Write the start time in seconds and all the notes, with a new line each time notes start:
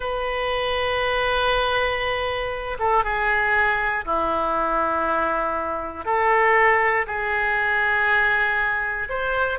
0.00 B4
2.79 A4
3.04 G#4
4.05 E4
6.05 A4
7.06 G#4
9.09 C5